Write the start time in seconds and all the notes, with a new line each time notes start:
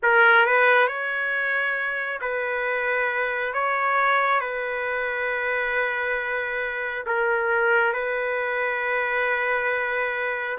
0.02 A#4
0.46 B4
0.87 C#5
2.21 B4
3.53 C#5
4.40 B4
7.06 A#4
7.93 B4